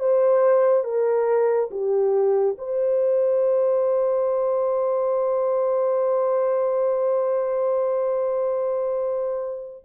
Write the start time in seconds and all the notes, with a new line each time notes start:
0.00 C5
0.84 A#4
1.71 G4
2.58 C5